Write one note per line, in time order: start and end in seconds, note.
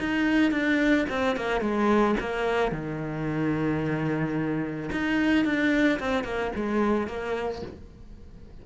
0.00 0.52 D#4
0.52 1.06 D4
1.10 1.37 C4
1.37 1.61 A#3
1.61 2.16 G#3
2.21 2.72 A#3
2.72 4.90 D#3
4.92 5.45 D#4
5.45 6.00 D4
6.00 6.25 C4
6.25 6.52 A#3
6.56 7.08 G#3
7.08 7.62 A#3